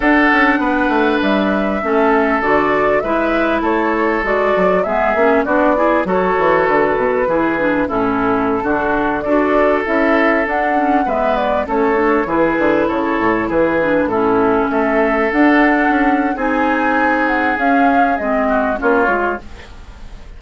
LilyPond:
<<
  \new Staff \with { instrumentName = "flute" } { \time 4/4 \tempo 4 = 99 fis''2 e''2 | d''4 e''4 cis''4 d''4 | e''4 d''4 cis''4 b'4~ | b'4 a'2~ a'16 d''8.~ |
d''16 e''4 fis''4 e''8 d''8 cis''8.~ | cis''16 b'4 cis''4 b'4 a'8.~ | a'16 e''4 fis''4.~ fis''16 gis''4~ | gis''8 fis''8 f''4 dis''4 cis''4 | }
  \new Staff \with { instrumentName = "oboe" } { \time 4/4 a'4 b'2 a'4~ | a'4 b'4 a'2 | gis'4 fis'8 gis'8 a'2 | gis'4 e'4~ e'16 fis'4 a'8.~ |
a'2~ a'16 b'4 a'8.~ | a'16 gis'4 a'4 gis'4 e'8.~ | e'16 a'2~ a'8. gis'4~ | gis'2~ gis'8 fis'8 f'4 | }
  \new Staff \with { instrumentName = "clarinet" } { \time 4/4 d'2. cis'4 | fis'4 e'2 fis'4 | b8 cis'8 d'8 e'8 fis'2 | e'8 d'8 cis'4~ cis'16 d'4 fis'8.~ |
fis'16 e'4 d'8 cis'8 b4 cis'8 d'16~ | d'16 e'2~ e'8 d'8 cis'8.~ | cis'4~ cis'16 d'4.~ d'16 dis'4~ | dis'4 cis'4 c'4 cis'8 f'8 | }
  \new Staff \with { instrumentName = "bassoon" } { \time 4/4 d'8 cis'8 b8 a8 g4 a4 | d4 gis4 a4 gis8 fis8 | gis8 ais8 b4 fis8 e8 d8 b,8 | e4 a,4~ a,16 d4 d'8.~ |
d'16 cis'4 d'4 gis4 a8.~ | a16 e8 d8 cis8 a,8 e4 a,8.~ | a,16 a4 d'4 cis'8. c'4~ | c'4 cis'4 gis4 ais8 gis8 | }
>>